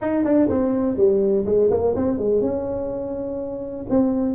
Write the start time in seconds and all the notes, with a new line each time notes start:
0.01 D#4
0.24 D4
0.49 C4
0.97 G3
1.45 G#3
1.70 A#3
1.95 C4
2.18 G#3
2.41 C#4
3.89 C4